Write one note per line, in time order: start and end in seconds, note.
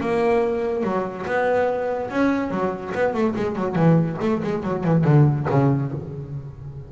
0.00 0.83 A#3
0.83 1.25 F#3
1.26 2.10 B3
2.10 2.50 C#4
2.50 2.92 F#3
2.94 3.14 B3
3.14 3.35 A3
3.36 3.56 G#3
3.56 3.75 F#3
3.75 4.17 E3
4.21 4.42 A3
4.43 4.63 G#3
4.63 4.84 F#3
4.84 5.04 E3
5.04 5.46 D3
5.50 5.92 C#3